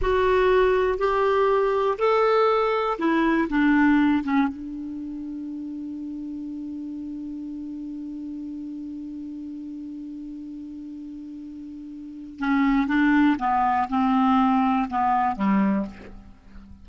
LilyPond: \new Staff \with { instrumentName = "clarinet" } { \time 4/4 \tempo 4 = 121 fis'2 g'2 | a'2 e'4 d'4~ | d'8 cis'8 d'2.~ | d'1~ |
d'1~ | d'1~ | d'4 cis'4 d'4 b4 | c'2 b4 g4 | }